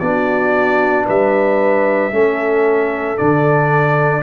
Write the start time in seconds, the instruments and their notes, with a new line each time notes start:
0.00 tuba B3, trombone D4, horn F#4, trumpet D5
1.06 tuba G3, horn B4, trumpet E5
2.12 tuba A3, trombone C#4, horn A4
3.17 tuba D3, trombone D4, trumpet D5